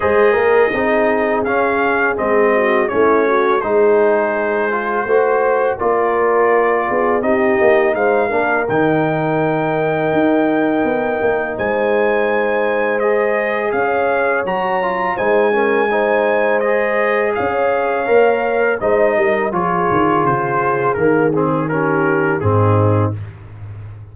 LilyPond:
<<
  \new Staff \with { instrumentName = "trumpet" } { \time 4/4 \tempo 4 = 83 dis''2 f''4 dis''4 | cis''4 c''2. | d''2 dis''4 f''4 | g''1 |
gis''2 dis''4 f''4 | ais''4 gis''2 dis''4 | f''2 dis''4 cis''4 | c''4 ais'8 gis'8 ais'4 gis'4 | }
  \new Staff \with { instrumentName = "horn" } { \time 4/4 c''8 ais'8 gis'2~ gis'8 fis'8 | e'8 fis'8 gis'2 c''4 | ais'4. gis'8 g'4 c''8 ais'8~ | ais'1 |
c''2. cis''4~ | cis''4 c''8 ais'8 c''2 | cis''2 c''8 ais'8 gis'4~ | gis'2 g'4 dis'4 | }
  \new Staff \with { instrumentName = "trombone" } { \time 4/4 gis'4 dis'4 cis'4 c'4 | cis'4 dis'4. f'8 fis'4 | f'2 dis'4. d'8 | dis'1~ |
dis'2 gis'2 | fis'8 f'8 dis'8 cis'8 dis'4 gis'4~ | gis'4 ais'4 dis'4 f'4~ | f'4 ais8 c'8 cis'4 c'4 | }
  \new Staff \with { instrumentName = "tuba" } { \time 4/4 gis8 ais8 c'4 cis'4 gis4 | a4 gis2 a4 | ais4. b8 c'8 ais8 gis8 ais8 | dis2 dis'4 b8 ais8 |
gis2. cis'4 | fis4 gis2. | cis'4 ais4 gis8 g8 f8 dis8 | cis4 dis2 gis,4 | }
>>